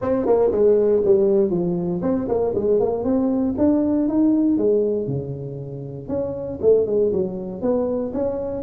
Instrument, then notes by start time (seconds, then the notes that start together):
tuba
0.01 C4
0.25 A#3
0.51 G#3
1.04 G3
1.50 F3
2.02 C4
2.28 A#3
2.54 G#3
2.80 A#3
3.04 C4
3.57 D4
4.08 D#4
4.57 G#3
5.07 C#3
6.08 C#4
6.61 A3
6.86 G#3
7.12 F#3
7.61 B3
8.13 C#4